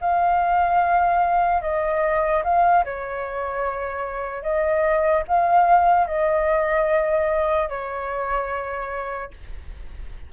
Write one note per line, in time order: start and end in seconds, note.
0.00 1.61 F5
1.61 2.43 D#5
2.44 2.84 F5
2.84 4.42 C#5
4.42 5.23 D#5
5.27 6.07 F5
6.07 7.69 D#5
7.69 9.31 C#5